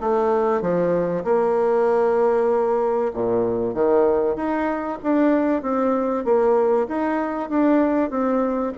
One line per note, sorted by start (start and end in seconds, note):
0.00 0.61 A3
0.61 1.24 F3
1.24 3.12 A#3
3.13 3.74 A#2
3.74 4.36 D#3
4.36 4.98 D#4
5.03 5.62 D4
5.62 6.25 C4
6.25 6.88 A#3
6.88 7.50 D#4
7.50 8.10 D4
8.10 8.73 C4